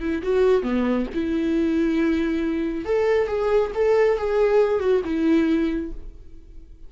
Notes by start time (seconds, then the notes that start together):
0.00 E4
0.22 F#4
0.63 B3
1.14 E4
2.85 A4
3.27 G#4
3.74 A4
4.18 G#4
4.80 F#4
5.04 E4